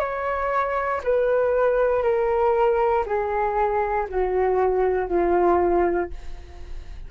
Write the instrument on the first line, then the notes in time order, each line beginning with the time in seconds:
flute
0.00 C#5
1.04 B4
2.03 A#4
3.06 G#4
4.10 F#4
5.09 F4